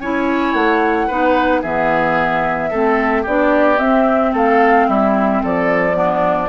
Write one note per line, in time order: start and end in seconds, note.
0.00 0.53 C#4
0.00 1.10 E4
0.00 1.07 C#5
0.00 0.54 G#5
0.53 1.07 A3
0.53 1.62 F#5
1.07 1.63 B3
1.07 1.63 D#4
1.07 1.61 B4
1.62 2.71 E3
1.62 2.72 B3
1.62 2.70 G#4
1.62 3.24 E5
2.70 3.25 A3
2.70 3.26 C4
2.70 3.22 A4
3.22 3.79 B3
3.22 3.77 D4
3.22 4.30 G4
3.22 3.79 D5
3.77 5.93 C4
3.77 4.33 C4
3.77 4.33 E5
4.33 4.87 A3
4.33 4.87 A4
4.33 4.89 F5
4.88 5.42 G3
4.88 5.42 E4
4.88 5.43 E5
5.43 6.49 F3
5.43 5.97 A4
5.43 6.49 D5
5.93 6.47 B3
5.93 6.49 D4